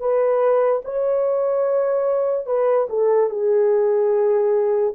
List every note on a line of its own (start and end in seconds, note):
0.00 0.82 B4
0.85 2.47 C#5
2.47 2.88 B4
2.90 3.30 A4
3.30 4.95 G#4